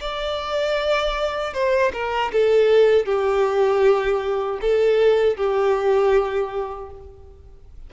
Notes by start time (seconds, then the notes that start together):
0.00 D5
1.53 C5
1.93 A#4
2.32 A4
3.05 G4
4.61 A4
5.36 G4